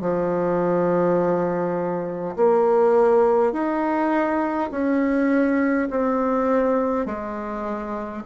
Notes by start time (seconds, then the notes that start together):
0.00 F3
2.36 A#3
3.52 D#4
4.71 C#4
5.90 C4
7.05 G#3